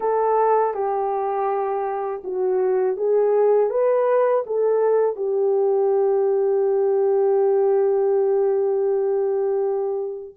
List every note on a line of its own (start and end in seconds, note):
0.00 0.74 A4
0.74 2.22 G4
2.24 2.96 F#4
2.96 3.69 G#4
3.69 4.43 B4
4.46 5.15 A4
5.15 10.34 G4